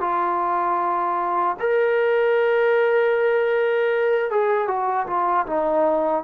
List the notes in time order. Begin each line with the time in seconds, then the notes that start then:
0.00 F4
1.59 A#4
4.30 G#4
4.67 F#4
5.06 F4
5.46 D#4